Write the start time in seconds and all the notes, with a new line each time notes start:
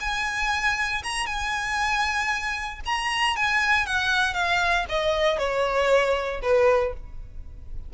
0.00 G#5
1.03 A#5
1.26 G#5
2.85 A#5
3.36 G#5
3.86 F#5
4.34 F5
4.89 D#5
5.38 C#5
6.42 B4